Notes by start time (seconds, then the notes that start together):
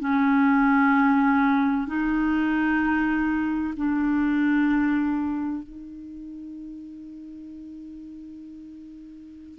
0.00 C#4
1.87 D#4
3.77 D4
5.63 D#4